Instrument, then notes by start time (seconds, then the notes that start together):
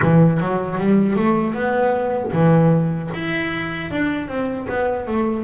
double bass
0.01 E3
0.40 F#3
0.78 G3
1.16 A3
1.53 B3
2.32 E3
3.14 E4
3.90 D4
4.28 C4
4.68 B3
5.06 A3